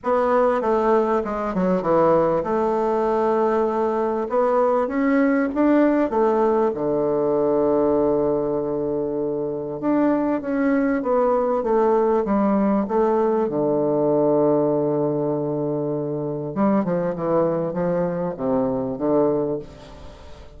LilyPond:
\new Staff \with { instrumentName = "bassoon" } { \time 4/4 \tempo 4 = 98 b4 a4 gis8 fis8 e4 | a2. b4 | cis'4 d'4 a4 d4~ | d1 |
d'4 cis'4 b4 a4 | g4 a4 d2~ | d2. g8 f8 | e4 f4 c4 d4 | }